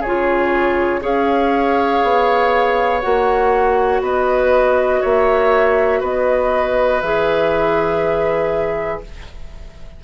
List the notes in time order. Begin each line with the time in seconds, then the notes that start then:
0.00 C#3 G#4 C#5
0.06 F4
1.01 C#4 G#4 C#5 F5
2.03 B3
3.01 A#3 F#4 F#5
4.01 B3 B4 D#5
5.00 A#3 C#5 E5
6.00 B3 B4 D#5
7.01 E3 G#4 E5